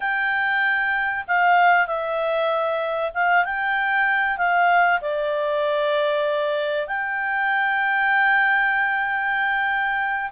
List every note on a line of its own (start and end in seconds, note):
0.00 1.24 G5
1.27 1.87 F5
1.87 3.12 E5
3.14 3.44 F5
3.44 4.37 G5
4.37 5.00 F5
5.01 6.87 D5
6.87 10.31 G5